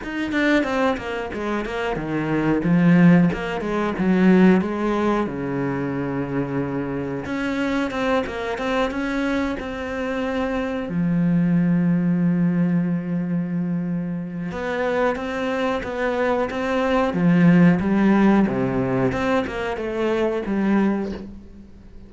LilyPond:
\new Staff \with { instrumentName = "cello" } { \time 4/4 \tempo 4 = 91 dis'8 d'8 c'8 ais8 gis8 ais8 dis4 | f4 ais8 gis8 fis4 gis4 | cis2. cis'4 | c'8 ais8 c'8 cis'4 c'4.~ |
c'8 f2.~ f8~ | f2 b4 c'4 | b4 c'4 f4 g4 | c4 c'8 ais8 a4 g4 | }